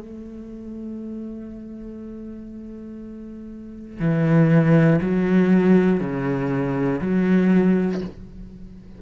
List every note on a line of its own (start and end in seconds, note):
0.00 4.00 A3
4.00 5.00 E3
5.01 6.00 F#3
6.00 7.00 C#3
7.01 8.01 F#3